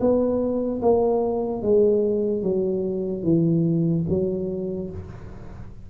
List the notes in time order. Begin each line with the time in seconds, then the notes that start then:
0.00 B3
0.82 A#3
1.62 G#3
2.43 F#3
3.23 E3
4.09 F#3